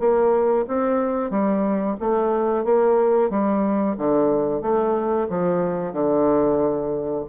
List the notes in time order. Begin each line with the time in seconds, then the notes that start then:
0.00 A#3
0.68 C4
1.31 G3
2.00 A3
2.65 A#3
3.30 G3
3.98 D3
4.62 A3
5.30 F3
5.93 D3